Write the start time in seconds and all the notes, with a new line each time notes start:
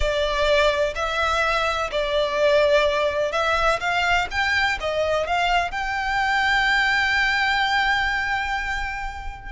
0.00 D5
0.95 E5
1.91 D5
3.32 E5
3.80 F5
4.30 G5
4.80 D#5
5.26 F5
5.71 G5